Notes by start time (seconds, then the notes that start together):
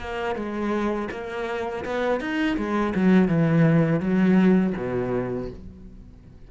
0.00 A#3
0.36 G#3
1.11 A#3
1.85 B3
2.21 D#4
2.57 G#3
2.95 F#3
3.28 E3
4.00 F#3
4.77 B2